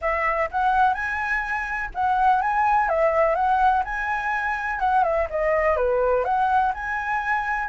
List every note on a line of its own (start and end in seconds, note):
0.01 0.49 E5
0.51 0.93 F#5
0.93 1.89 G#5
1.94 2.41 F#5
2.41 2.88 G#5
2.88 3.35 E5
3.35 3.83 F#5
3.84 4.79 G#5
4.79 5.03 F#5
5.03 5.27 E5
5.30 5.76 D#5
5.76 6.24 B4
6.24 6.72 F#5
6.74 7.68 G#5